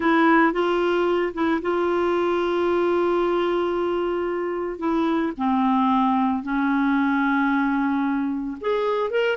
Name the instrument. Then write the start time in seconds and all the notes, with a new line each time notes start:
clarinet
0.00 E4
0.52 F4
1.34 E4
1.61 F4
4.78 E4
5.37 C4
6.42 C#4
8.61 G#4
9.10 A#4